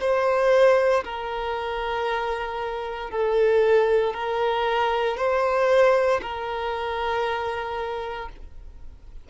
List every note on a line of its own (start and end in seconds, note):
0.00 1.03 C5
1.04 3.10 A#4
3.10 4.14 A4
4.14 5.17 A#4
5.17 6.20 C5
6.22 8.29 A#4